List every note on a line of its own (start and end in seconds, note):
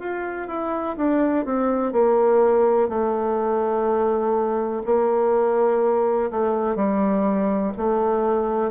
0.00 0.48 F4
0.48 0.97 E4
0.97 1.46 D4
1.46 1.93 C4
1.93 2.89 A#3
2.89 4.83 A3
4.86 6.31 A#3
6.32 6.76 A3
6.76 7.73 G3
7.78 8.72 A3